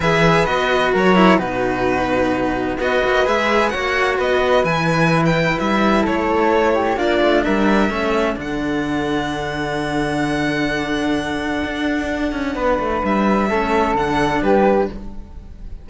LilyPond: <<
  \new Staff \with { instrumentName = "violin" } { \time 4/4 \tempo 4 = 129 e''4 dis''4 cis''4 b'4~ | b'2 dis''4 e''4 | fis''4 dis''4 gis''4~ gis''16 g''8. | e''4 cis''2 d''4 |
e''2 fis''2~ | fis''1~ | fis''1 | e''2 fis''4 b'4 | }
  \new Staff \with { instrumentName = "flute" } { \time 4/4 b'2 ais'4 fis'4~ | fis'2 b'2 | cis''4 b'2.~ | b'4 a'4. g'8 f'4 |
ais'4 a'2.~ | a'1~ | a'2. b'4~ | b'4 a'2 g'4 | }
  \new Staff \with { instrumentName = "cello" } { \time 4/4 gis'4 fis'4. e'8 dis'4~ | dis'2 fis'4 gis'4 | fis'2 e'2~ | e'2. d'4~ |
d'4 cis'4 d'2~ | d'1~ | d'1~ | d'4 cis'4 d'2 | }
  \new Staff \with { instrumentName = "cello" } { \time 4/4 e4 b4 fis4 b,4~ | b,2 b8 ais8 gis4 | ais4 b4 e2 | g4 a2 ais8 a8 |
g4 a4 d2~ | d1~ | d4 d'4. cis'8 b8 a8 | g4 a4 d4 g4 | }
>>